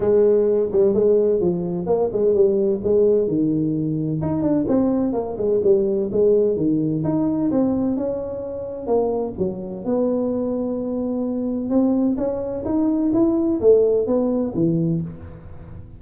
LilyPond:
\new Staff \with { instrumentName = "tuba" } { \time 4/4 \tempo 4 = 128 gis4. g8 gis4 f4 | ais8 gis8 g4 gis4 dis4~ | dis4 dis'8 d'8 c'4 ais8 gis8 | g4 gis4 dis4 dis'4 |
c'4 cis'2 ais4 | fis4 b2.~ | b4 c'4 cis'4 dis'4 | e'4 a4 b4 e4 | }